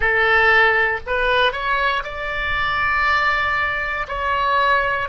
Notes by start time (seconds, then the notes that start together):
0.00 A4
1.06 B4
1.52 C#5
2.03 D5
4.08 C#5